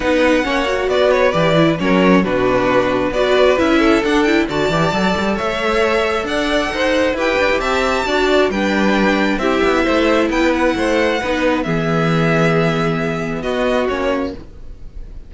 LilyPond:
<<
  \new Staff \with { instrumentName = "violin" } { \time 4/4 \tempo 4 = 134 fis''2 d''8 cis''8 d''4 | cis''4 b'2 d''4 | e''4 fis''8 g''8 a''2 | e''2 fis''2 |
g''4 a''2 g''4~ | g''4 e''2 g''8 fis''8~ | fis''2 e''2~ | e''2 dis''4 cis''4 | }
  \new Staff \with { instrumentName = "violin" } { \time 4/4 b'4 cis''4 b'2 | ais'4 fis'2 b'4~ | b'8 a'4. d''2 | cis''2 d''4 c''4 |
b'4 e''4 d''4 b'4~ | b'4 g'4 c''4 b'4 | c''4 b'4 gis'2~ | gis'2 fis'2 | }
  \new Staff \with { instrumentName = "viola" } { \time 4/4 dis'4 cis'8 fis'4. g'8 e'8 | cis'4 d'2 fis'4 | e'4 d'8 e'8 fis'8 g'8 a'4~ | a'1 |
g'2 fis'4 d'4~ | d'4 e'2.~ | e'4 dis'4 b2~ | b2. cis'4 | }
  \new Staff \with { instrumentName = "cello" } { \time 4/4 b4 ais4 b4 e4 | fis4 b,2 b4 | cis'4 d'4 d8 e8 fis8 g8 | a2 d'4 dis'4 |
e'8 d'16 e'16 c'4 d'4 g4~ | g4 c'8 b8 a4 b4 | a4 b4 e2~ | e2 b4 ais4 | }
>>